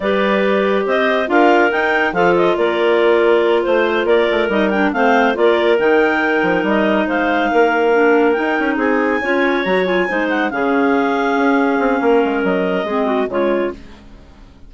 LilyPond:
<<
  \new Staff \with { instrumentName = "clarinet" } { \time 4/4 \tempo 4 = 140 d''2 dis''4 f''4 | g''4 f''8 dis''8 d''2~ | d''8 c''4 d''4 dis''8 g''8 f''8~ | f''8 d''4 g''2 dis''8~ |
dis''8 f''2. g''8~ | g''8 gis''2 ais''8 gis''4 | fis''8 f''2.~ f''8~ | f''4 dis''2 cis''4 | }
  \new Staff \with { instrumentName = "clarinet" } { \time 4/4 b'2 c''4 ais'4~ | ais'4 a'4 ais'2~ | ais'8 c''4 ais'2 c''8~ | c''8 ais'2.~ ais'8~ |
ais'8 c''4 ais'2~ ais'8~ | ais'8 gis'4 cis''2 c''8~ | c''8 gis'2.~ gis'8 | ais'2 gis'8 fis'8 f'4 | }
  \new Staff \with { instrumentName = "clarinet" } { \time 4/4 g'2. f'4 | dis'4 f'2.~ | f'2~ f'8 dis'8 d'8 c'8~ | c'8 f'4 dis'2~ dis'8~ |
dis'2~ dis'8 d'4 dis'8~ | dis'4. f'4 fis'8 f'8 dis'8~ | dis'8 cis'2.~ cis'8~ | cis'2 c'4 gis4 | }
  \new Staff \with { instrumentName = "bassoon" } { \time 4/4 g2 c'4 d'4 | dis'4 f4 ais2~ | ais8 a4 ais8 a8 g4 a8~ | a8 ais4 dis4. f8 g8~ |
g8 gis4 ais2 dis'8 | cis'8 c'4 cis'4 fis4 gis8~ | gis8 cis2 cis'4 c'8 | ais8 gis8 fis4 gis4 cis4 | }
>>